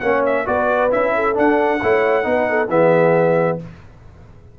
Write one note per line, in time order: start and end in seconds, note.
0.00 0.46 A#3
0.00 0.45 C#4
0.00 0.45 C#5
0.00 0.22 F#5
0.26 0.47 E5
0.45 0.92 B3
0.45 0.90 F#4
0.45 0.91 D5
0.52 1.15 B4
0.91 1.37 C#4
0.91 1.34 E4
0.91 1.37 E5
1.15 1.82 A4
1.34 1.79 D4
1.34 1.82 D4
1.34 2.70 F#5
1.82 2.25 A3
1.82 2.23 E4
1.82 2.27 C#5
2.23 2.69 B3
2.23 2.68 D#4
2.23 2.50 B4
2.50 2.71 A4
2.69 3.58 E3
2.69 3.59 B3
2.69 3.59 G#4
2.69 3.59 E5